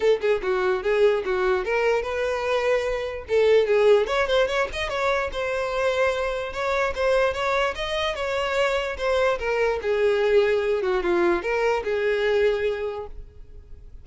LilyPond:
\new Staff \with { instrumentName = "violin" } { \time 4/4 \tempo 4 = 147 a'8 gis'8 fis'4 gis'4 fis'4 | ais'4 b'2. | a'4 gis'4 cis''8 c''8 cis''8 dis''8 | cis''4 c''2. |
cis''4 c''4 cis''4 dis''4 | cis''2 c''4 ais'4 | gis'2~ gis'8 fis'8 f'4 | ais'4 gis'2. | }